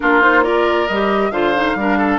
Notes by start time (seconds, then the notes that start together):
0.00 A#3 D4 F4 A#4
0.21 D#4 C5
0.43 F4 A#4 D5
0.87 G3 G4 D#5
1.30 D3 F4 C5 F5
1.55 D#4
1.75 G3 D4 A#4
1.97 A4